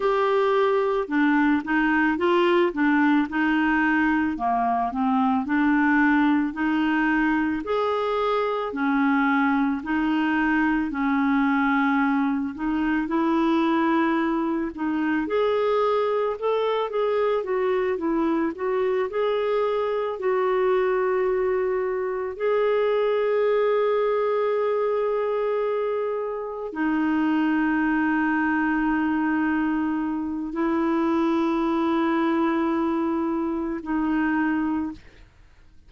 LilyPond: \new Staff \with { instrumentName = "clarinet" } { \time 4/4 \tempo 4 = 55 g'4 d'8 dis'8 f'8 d'8 dis'4 | ais8 c'8 d'4 dis'4 gis'4 | cis'4 dis'4 cis'4. dis'8 | e'4. dis'8 gis'4 a'8 gis'8 |
fis'8 e'8 fis'8 gis'4 fis'4.~ | fis'8 gis'2.~ gis'8~ | gis'8 dis'2.~ dis'8 | e'2. dis'4 | }